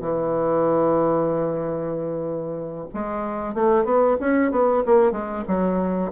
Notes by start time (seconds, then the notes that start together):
0.00 E3
2.93 G#3
3.54 A3
3.84 B3
4.20 C#4
4.51 B3
4.85 A#3
5.12 G#3
5.47 F#3